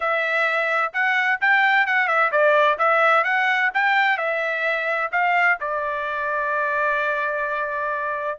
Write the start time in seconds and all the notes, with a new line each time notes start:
0.00 E5
0.93 F#5
1.40 G5
1.86 F#5
2.07 E5
2.31 D5
2.78 E5
3.24 F#5
3.74 G5
4.17 E5
5.11 F5
5.60 D5